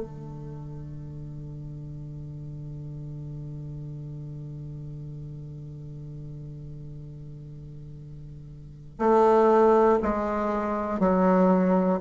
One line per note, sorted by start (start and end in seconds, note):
0.00 8.99 D3
8.99 9.99 A3
10.02 11.00 G#3
11.00 12.00 F#3